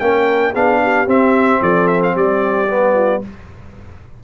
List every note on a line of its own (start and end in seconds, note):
0.00 0.55 A#3
0.00 0.54 C#4
0.00 0.52 A#4
0.00 0.54 G5
0.52 1.07 B3
0.52 1.07 D4
0.52 0.79 G#4
0.52 1.09 F5
0.83 1.61 G4
1.07 1.61 C4
1.07 2.68 C4
1.07 1.63 E5
1.61 2.15 F3
1.61 2.15 A4
1.61 1.88 D5
1.88 2.01 E5
2.03 2.17 F5
2.15 3.22 G3
2.15 2.94 G4
2.15 3.24 D5
2.69 3.22 B3
2.94 3.21 F4